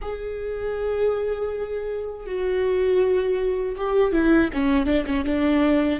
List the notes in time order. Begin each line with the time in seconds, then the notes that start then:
0.01 G#4
2.26 F#4
3.76 G4
4.12 E4
4.53 C#4
4.85 D4
5.06 C#4
5.24 D4